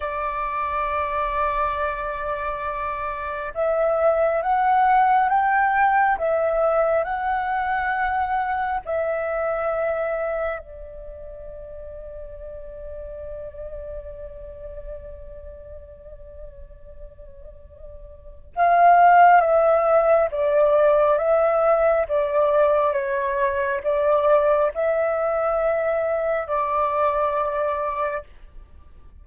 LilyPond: \new Staff \with { instrumentName = "flute" } { \time 4/4 \tempo 4 = 68 d''1 | e''4 fis''4 g''4 e''4 | fis''2 e''2 | d''1~ |
d''1~ | d''4 f''4 e''4 d''4 | e''4 d''4 cis''4 d''4 | e''2 d''2 | }